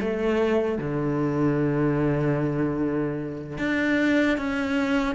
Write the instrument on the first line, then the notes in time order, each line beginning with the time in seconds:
cello
0.00 A3
0.78 D3
3.58 D4
4.37 C#4